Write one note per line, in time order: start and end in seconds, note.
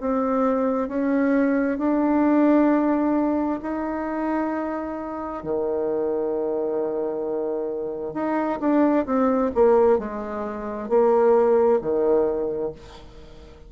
0.00 0.88 C4
0.88 1.78 C#4
1.78 3.60 D4
3.62 5.43 D#4
5.43 8.13 D#3
8.13 8.59 D#4
8.60 9.05 D4
9.05 9.51 C4
9.55 9.98 A#3
9.98 10.88 G#3
10.88 11.79 A#3
11.81 12.72 D#3